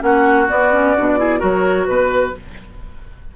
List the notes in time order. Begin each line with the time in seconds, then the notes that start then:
0.00 A#3 C#4 F#4 F#5
0.49 B3 D5
0.73 C#4
0.98 B2 D4
1.18 E4 G#4
1.39 F#3 F#4 A#4 C#5
1.86 B2 B4